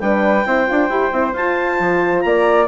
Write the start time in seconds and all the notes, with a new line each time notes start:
0.00 G3 D4 B4 G5
0.46 C4 E4 C5
0.67 D4 F4
0.89 E4 G4
1.12 C4 E4
1.33 F4 A5
1.80 F3
2.21 A#3 D5 A#5